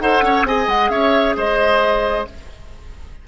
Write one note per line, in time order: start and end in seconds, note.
0.00 0.22 D#4
0.00 0.47 A4
0.00 0.25 C5
0.00 0.45 F#5
0.22 0.44 C#4
0.22 0.47 C#5
0.44 0.66 C4
0.44 2.28 G#4
0.44 0.91 D#5
0.44 0.69 G#5
0.68 0.90 G#3
0.68 0.90 F#5
0.90 1.35 C#4
0.90 1.36 C#5
0.90 1.35 E5
1.37 2.27 G#3
1.37 2.27 C5
1.37 2.28 D#5